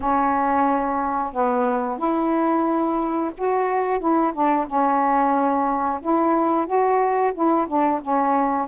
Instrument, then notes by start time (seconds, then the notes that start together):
saxophone
0.00 C#4
1.32 B3
1.98 E4
3.37 F#4
3.99 E4
4.33 D4
4.67 C#4
6.01 E4
6.66 F#4
7.33 E4
7.67 D4
8.02 C#4